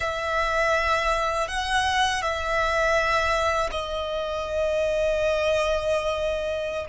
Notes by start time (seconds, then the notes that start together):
0.00 E5
1.48 F#5
2.22 E5
3.71 D#5